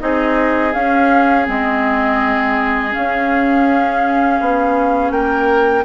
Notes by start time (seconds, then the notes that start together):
0.00 C4 D#4 G#4 D#5
0.74 C#4 F5
1.46 G#3 C4 D#5
2.90 C#4 F5
2.97 C#4
4.41 B3
5.11 A#3 A#4 G5